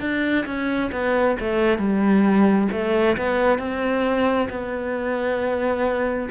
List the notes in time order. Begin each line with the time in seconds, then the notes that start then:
0.00 D4
0.46 C#4
0.92 B3
1.40 A3
1.78 G3
2.72 A3
3.17 B3
3.59 C4
4.50 B3